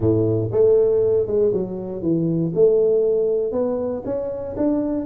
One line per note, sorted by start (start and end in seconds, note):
0.00 0.50 A2
0.51 1.27 A3
1.27 1.52 G#3
1.53 2.02 F#3
2.02 2.52 E3
2.54 3.52 A3
3.52 4.02 B3
4.05 4.55 C#4
4.56 5.05 D4